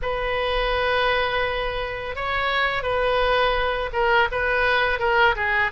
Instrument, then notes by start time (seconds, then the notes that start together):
oboe
0.02 B4
2.15 C#5
2.82 B4
3.93 A#4
4.31 B4
4.99 A#4
5.35 G#4